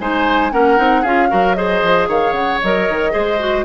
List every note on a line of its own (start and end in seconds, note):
0.00 0.52 G#3
0.00 0.52 D#4
0.00 0.52 C5
0.00 0.52 G#5
0.52 0.78 A#3
0.52 0.77 C#4
0.52 1.02 A#4
0.52 1.04 F#5
0.77 1.04 C4
0.77 1.04 D#4
1.02 1.30 C#4
1.02 1.29 F4
1.02 1.28 G#4
1.02 1.55 F5
1.29 1.83 F#3
1.29 1.56 F#4
1.29 1.57 A#4
1.55 2.61 G#4
1.55 2.08 C5
1.55 2.07 D#5
1.83 2.08 F3
2.08 2.32 D#3
2.08 3.13 C#5
2.08 2.33 F5
2.32 2.58 C#3
2.32 2.59 F#5
2.62 2.89 F#3
2.62 3.11 A#4
2.62 3.65 D#5
2.89 3.14 D#3
3.11 3.65 G#3
3.11 3.37 G#4
3.11 3.65 C5
3.39 3.65 F#4